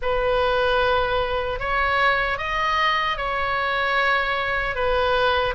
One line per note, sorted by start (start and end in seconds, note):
0.01 1.59 B4
1.59 2.38 C#5
2.38 3.17 D#5
3.17 4.75 C#5
4.75 5.54 B4